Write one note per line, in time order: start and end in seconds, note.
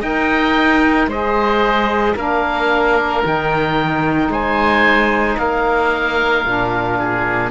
0.00 1.07 D#4
0.00 1.10 A#4
0.00 1.07 D#5
0.00 1.10 G5
1.07 2.14 G#3
1.07 2.16 G#4
1.07 2.15 C5
1.07 2.16 D#5
2.15 3.23 A#3
2.15 3.23 D4
2.15 4.30 A#4
2.15 3.23 F5
3.24 4.29 D#3
3.24 6.45 D#4
3.24 4.32 G5
4.29 5.36 G#3
4.29 5.38 C5
4.29 5.38 G#5
5.38 6.45 A#3
5.38 6.98 A#4
5.38 7.51 F5
6.45 7.51 A#2
6.45 7.51 D4
6.98 7.51 G#4